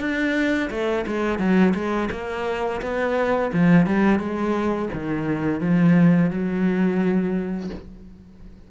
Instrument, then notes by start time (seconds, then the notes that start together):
cello
0.00 D4
0.70 A3
1.07 G#3
1.39 F#3
1.74 G#3
2.11 A#3
2.82 B3
3.53 F3
3.87 G3
4.19 G#3
4.93 D#3
5.61 F3
6.30 F#3